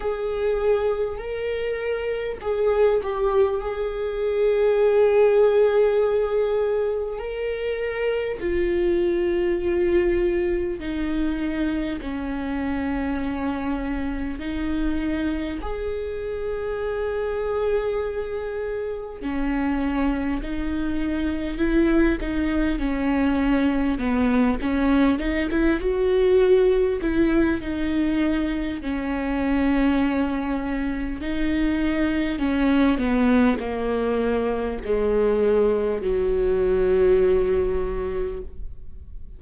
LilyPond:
\new Staff \with { instrumentName = "viola" } { \time 4/4 \tempo 4 = 50 gis'4 ais'4 gis'8 g'8 gis'4~ | gis'2 ais'4 f'4~ | f'4 dis'4 cis'2 | dis'4 gis'2. |
cis'4 dis'4 e'8 dis'8 cis'4 | b8 cis'8 dis'16 e'16 fis'4 e'8 dis'4 | cis'2 dis'4 cis'8 b8 | ais4 gis4 fis2 | }